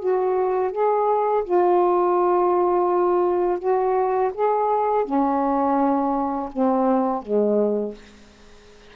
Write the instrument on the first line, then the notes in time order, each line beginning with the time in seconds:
saxophone
0.00 F#4
0.72 G#4
1.45 F4
3.59 F#4
4.34 G#4
5.05 C#4
6.53 C4
7.23 G#3